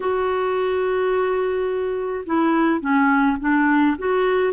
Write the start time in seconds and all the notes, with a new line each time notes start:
0.00 F#4
2.26 E4
2.80 C#4
3.40 D4
3.97 F#4